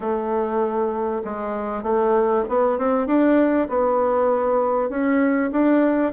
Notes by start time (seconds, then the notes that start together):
0.00 A3
1.24 G#3
1.83 A3
2.48 B3
2.78 C4
3.06 D4
3.68 B3
4.89 C#4
5.51 D4